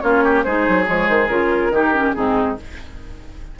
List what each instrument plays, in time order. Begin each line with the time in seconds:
0.00 bassoon A#3, clarinet C#4, oboe F4, flute C#5
0.24 oboe G4
0.43 bassoon G#3, clarinet D#4, oboe G#4, flute C5
0.68 bassoon F#3
0.85 bassoon F3, clarinet G#3, flute C#5
1.08 bassoon D#3, flute C5
1.27 bassoon C#3, clarinet F4, flute A#4
1.70 bassoon D#3, clarinet D#4, oboe G4
1.93 clarinet C#4
2.14 bassoon G#2, clarinet C4, oboe D#4, flute G#4